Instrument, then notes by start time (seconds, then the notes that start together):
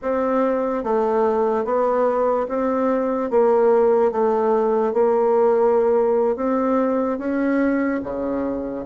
bassoon
0.01 C4
0.83 A3
1.64 B3
2.48 C4
3.30 A#3
4.11 A3
4.93 A#3
6.35 C4
7.18 C#4
8.03 C#3